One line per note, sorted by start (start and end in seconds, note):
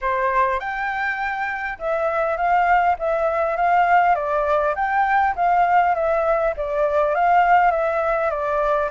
0.01 0.59 C5
0.59 1.78 G5
1.78 2.36 E5
2.36 2.96 F5
2.98 3.56 E5
3.56 4.15 F5
4.15 4.74 D5
4.75 5.34 G5
5.35 5.94 F5
5.94 6.54 E5
6.56 7.14 D5
7.14 7.71 F5
7.71 8.30 E5
8.30 8.89 D5